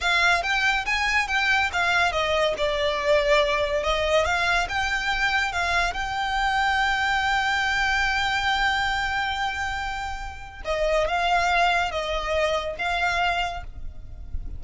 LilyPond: \new Staff \with { instrumentName = "violin" } { \time 4/4 \tempo 4 = 141 f''4 g''4 gis''4 g''4 | f''4 dis''4 d''2~ | d''4 dis''4 f''4 g''4~ | g''4 f''4 g''2~ |
g''1~ | g''1~ | g''4 dis''4 f''2 | dis''2 f''2 | }